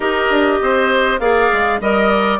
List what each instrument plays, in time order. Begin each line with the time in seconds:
0.00 bassoon D#4, clarinet G4, oboe A#4, flute D#5
0.29 bassoon D4
0.61 bassoon C4, oboe C5
1.19 bassoon A#3, clarinet G#4, oboe D5, flute F5
1.52 bassoon G#3
1.80 bassoon G3, clarinet A#4, oboe D#5, flute D#5
2.10 flute D5